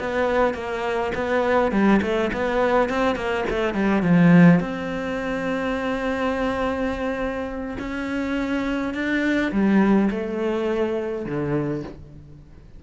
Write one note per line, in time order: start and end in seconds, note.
0.00 0.54 B3
0.54 1.12 A#3
1.15 1.72 B3
1.72 2.01 G3
2.02 2.31 A3
2.33 2.89 B3
2.89 3.16 C4
3.16 3.45 A#3
3.50 3.74 A3
3.74 4.03 G3
4.03 4.60 F3
4.60 7.77 C4
7.79 8.94 C#4
8.94 9.52 D4
9.52 10.10 G3
10.10 11.26 A3
11.26 11.83 D3